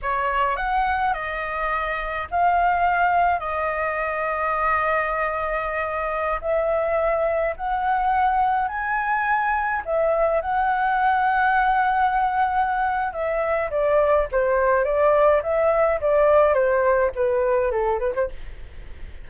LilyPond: \new Staff \with { instrumentName = "flute" } { \time 4/4 \tempo 4 = 105 cis''4 fis''4 dis''2 | f''2 dis''2~ | dis''2.~ dis''16 e''8.~ | e''4~ e''16 fis''2 gis''8.~ |
gis''4~ gis''16 e''4 fis''4.~ fis''16~ | fis''2. e''4 | d''4 c''4 d''4 e''4 | d''4 c''4 b'4 a'8 b'16 c''16 | }